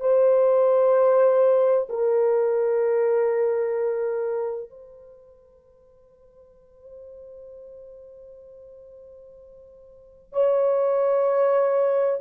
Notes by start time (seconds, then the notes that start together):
0.00 C5
1.89 A#4
4.70 C5
10.33 C#5